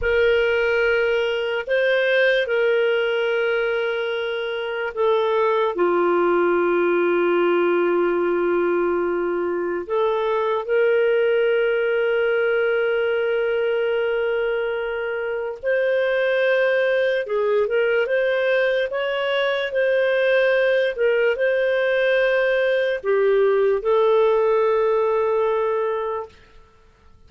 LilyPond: \new Staff \with { instrumentName = "clarinet" } { \time 4/4 \tempo 4 = 73 ais'2 c''4 ais'4~ | ais'2 a'4 f'4~ | f'1 | a'4 ais'2.~ |
ais'2. c''4~ | c''4 gis'8 ais'8 c''4 cis''4 | c''4. ais'8 c''2 | g'4 a'2. | }